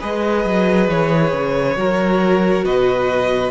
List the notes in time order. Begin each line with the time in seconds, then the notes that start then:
0.00 G#3 G#4 B4 D#5
0.44 F#3
0.88 E3 C#5
1.33 C#3
1.76 F#3 F#4 A#4
2.64 B2 B4 D#5